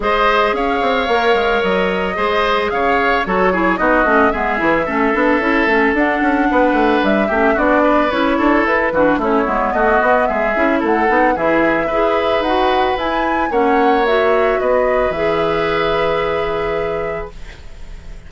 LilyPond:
<<
  \new Staff \with { instrumentName = "flute" } { \time 4/4 \tempo 4 = 111 dis''4 f''2 dis''4~ | dis''4 f''4 cis''4 dis''4 | e''2. fis''4~ | fis''4 e''4 d''4 cis''4 |
b'4 cis''4 dis''4 e''4 | fis''4 e''2 fis''4 | gis''4 fis''4 e''4 dis''4 | e''1 | }
  \new Staff \with { instrumentName = "oboe" } { \time 4/4 c''4 cis''2. | c''4 cis''4 a'8 gis'8 fis'4 | gis'4 a'2. | b'4. g'8 fis'8 b'4 a'8~ |
a'8 fis'8 e'4 fis'4 gis'4 | a'4 gis'4 b'2~ | b'4 cis''2 b'4~ | b'1 | }
  \new Staff \with { instrumentName = "clarinet" } { \time 4/4 gis'2 ais'2 | gis'2 fis'8 e'8 dis'8 cis'8 | b8 e'8 cis'8 d'8 e'8 cis'8 d'4~ | d'4. cis'8 d'4 e'4~ |
e'8 d'8 cis'8 b2 e'8~ | e'8 dis'8 e'4 gis'4 fis'4 | e'4 cis'4 fis'2 | gis'1 | }
  \new Staff \with { instrumentName = "bassoon" } { \time 4/4 gis4 cis'8 c'8 ais8 gis8 fis4 | gis4 cis4 fis4 b8 a8 | gis8 e8 a8 b8 cis'8 a8 d'8 cis'8 | b8 a8 g8 a8 b4 cis'8 d'8 |
e'8 e8 a8 gis8 a8 b8 gis8 cis'8 | a8 b8 e4 e'4 dis'4 | e'4 ais2 b4 | e1 | }
>>